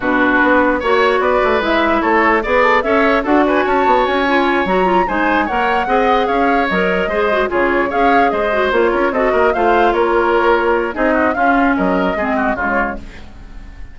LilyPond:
<<
  \new Staff \with { instrumentName = "flute" } { \time 4/4 \tempo 4 = 148 b'2 cis''4 d''4 | e''4 cis''4 b'8 a'8 e''4 | fis''8 gis''8 a''4 gis''4. ais''8~ | ais''8 gis''4 fis''2 f''8~ |
f''8 dis''2 cis''4 f''8~ | f''8 dis''4 cis''4 dis''4 f''8~ | f''8 cis''2~ cis''8 dis''4 | f''4 dis''2 cis''4 | }
  \new Staff \with { instrumentName = "oboe" } { \time 4/4 fis'2 cis''4 b'4~ | b'4 a'4 d''4 cis''4 | a'8 b'8 cis''2.~ | cis''8 c''4 cis''4 dis''4 cis''8~ |
cis''4. c''4 gis'4 cis''8~ | cis''8 c''4. ais'8 a'8 ais'8 c''8~ | c''8 ais'2~ ais'8 gis'8 fis'8 | f'4 ais'4 gis'8 fis'8 f'4 | }
  \new Staff \with { instrumentName = "clarinet" } { \time 4/4 d'2 fis'2 | e'2 gis'4 a'4 | fis'2~ fis'8 f'4 fis'8 | f'8 dis'4 ais'4 gis'4.~ |
gis'8 ais'4 gis'8 fis'8 f'4 gis'8~ | gis'4 fis'8 f'4 fis'4 f'8~ | f'2. dis'4 | cis'2 c'4 gis4 | }
  \new Staff \with { instrumentName = "bassoon" } { \time 4/4 b,4 b4 ais4 b8 a8 | gis4 a4 b4 cis'4 | d'4 cis'8 b8 cis'4. fis8~ | fis8 gis4 ais4 c'4 cis'8~ |
cis'8 fis4 gis4 cis4 cis'8~ | cis'8 gis4 ais8 cis'8 c'8 ais8 a8~ | a8 ais2~ ais8 c'4 | cis'4 fis4 gis4 cis4 | }
>>